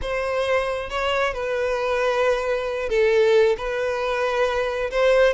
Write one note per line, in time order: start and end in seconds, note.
0.01 0.89 C5
0.89 1.33 C#5
1.33 2.89 B4
2.89 3.56 A4
3.57 4.90 B4
4.90 5.33 C5